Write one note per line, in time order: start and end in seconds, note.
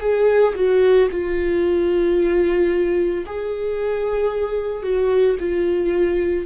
0.00 0.54 G#4
0.55 1.09 F#4
1.11 3.25 F4
3.26 4.83 G#4
4.83 5.37 F#4
5.40 6.46 F4